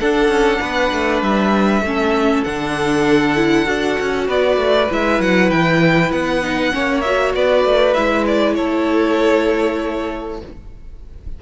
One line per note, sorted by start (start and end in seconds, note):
0.00 1.85 D4
0.00 0.28 D4
0.00 0.61 A4
0.00 1.22 F#5
0.28 0.59 C#4
0.61 0.92 B3
0.61 1.83 B4
0.92 1.22 A3
1.22 1.82 G3
1.22 2.44 E5
1.82 2.43 A3
1.82 2.46 C#4
1.88 4.28 A4
2.44 3.68 D3
2.44 3.36 D4
2.44 4.28 F#5
3.36 3.65 E4
3.65 3.98 D4
3.65 4.88 F#4
4.01 4.29 C#4
4.28 4.57 B3
4.28 6.72 B4
4.28 4.91 D5
4.57 4.88 A3
4.91 5.20 G#3
4.91 6.43 E4
4.91 5.22 E5
5.20 5.51 F#3
5.20 5.51 F#5
5.51 6.12 E3
5.51 6.12 G5
6.12 6.73 B3
6.12 7.02 F#5
6.43 6.72 D#4
6.72 7.36 A#3
6.72 7.03 C#4
6.72 7.36 C#5
7.02 7.96 F#4
7.02 7.32 E5
7.35 7.65 B3
7.35 8.56 B4
7.35 7.94 D5
7.65 7.96 A3
7.94 8.58 G#3
7.94 10.41 E4
7.94 8.25 E5
8.27 8.55 D5
8.55 10.42 A3
8.55 10.40 A4
8.55 10.39 C#5